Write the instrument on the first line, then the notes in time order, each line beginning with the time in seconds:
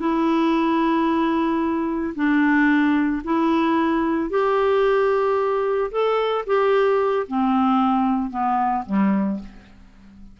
clarinet
0.00 E4
2.16 D4
3.24 E4
4.30 G4
5.91 A4
6.47 G4
7.28 C4
8.31 B3
8.86 G3